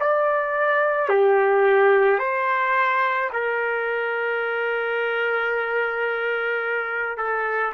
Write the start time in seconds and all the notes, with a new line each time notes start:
0.00 D5
1.10 G4
2.19 C5
3.33 A#4
7.18 A4